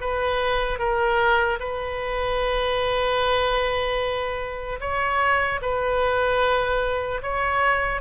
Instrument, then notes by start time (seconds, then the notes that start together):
oboe
0.00 B4
0.79 A#4
1.59 B4
4.80 C#5
5.61 B4
7.22 C#5